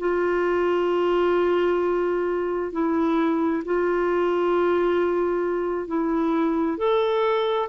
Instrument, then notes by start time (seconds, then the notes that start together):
clarinet
0.00 F4
2.73 E4
3.65 F4
5.88 E4
6.78 A4